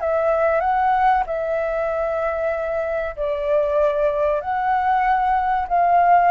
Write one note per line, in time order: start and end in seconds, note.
0.00 0.60 E5
0.60 1.23 F#5
1.26 3.16 E5
3.16 4.40 D5
4.40 5.67 F#5
5.68 6.31 F5